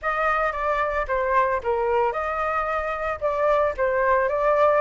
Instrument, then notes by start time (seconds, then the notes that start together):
flute
0.01 D#5
0.52 D5
1.07 C5
1.63 A#4
2.12 D#5
3.20 D5
3.77 C5
4.28 D5